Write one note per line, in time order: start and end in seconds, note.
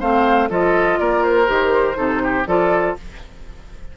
0.00 0.50 A3
0.00 0.50 C4
0.00 0.49 C5
0.00 0.50 F5
0.50 0.99 F3
0.50 1.47 F4
0.50 1.00 A4
0.50 1.00 D#5
1.00 1.49 A#3
1.00 1.98 A#4
1.00 1.24 D5
1.24 2.47 C5
1.47 1.97 D#3
1.47 1.95 G4
1.95 2.46 C3
1.95 2.45 D#4
1.95 2.22 A4
2.24 2.48 G4
2.47 2.97 F3
2.47 2.97 F4
2.47 2.97 A4
2.47 2.96 D5